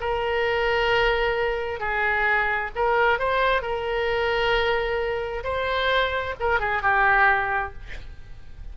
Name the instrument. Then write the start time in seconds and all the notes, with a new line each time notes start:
oboe
0.00 A#4
1.80 G#4
2.75 A#4
3.19 C5
3.62 A#4
5.44 C5
6.40 A#4
6.60 G#4
6.82 G4